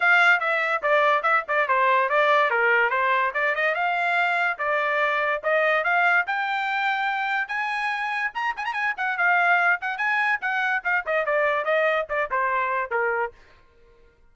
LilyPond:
\new Staff \with { instrumentName = "trumpet" } { \time 4/4 \tempo 4 = 144 f''4 e''4 d''4 e''8 d''8 | c''4 d''4 ais'4 c''4 | d''8 dis''8 f''2 d''4~ | d''4 dis''4 f''4 g''4~ |
g''2 gis''2 | ais''8 gis''16 ais''16 gis''8 fis''8 f''4. fis''8 | gis''4 fis''4 f''8 dis''8 d''4 | dis''4 d''8 c''4. ais'4 | }